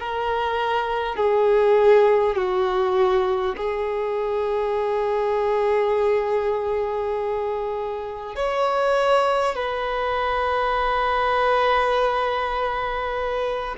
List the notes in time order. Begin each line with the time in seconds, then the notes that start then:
0.00 A#4
1.17 G#4
2.36 F#4
3.57 G#4
8.36 C#5
9.56 B4